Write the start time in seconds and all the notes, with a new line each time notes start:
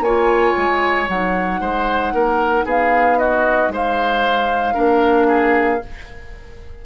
0.00 A#3 F4 C#5 G#5
0.57 G#3
1.07 F#3 D#4 F#5
1.60 G#3 C5
2.13 A#3 A#4
2.64 B3 G#4 F5
3.19 F#4 D#5
3.68 G#3 C5
3.75 F5
4.74 A#3 D4 A#4
5.28 G#4